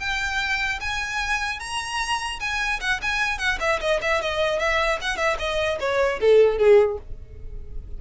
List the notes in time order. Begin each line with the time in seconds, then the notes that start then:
0.00 G5
0.81 G#5
1.60 A#5
2.40 G#5
2.81 F#5
3.02 G#5
3.39 F#5
3.60 E5
3.81 D#5
4.02 E5
4.22 D#5
4.59 E5
5.02 F#5
5.17 E5
5.39 D#5
5.80 C#5
6.21 A4
6.58 G#4